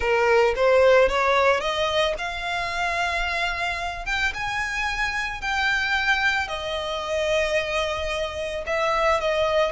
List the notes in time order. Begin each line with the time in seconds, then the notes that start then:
0.00 A#4
0.55 C5
1.08 C#5
1.60 D#5
2.17 F5
4.05 G5
4.34 G#5
5.41 G5
6.48 D#5
8.66 E5
9.20 D#5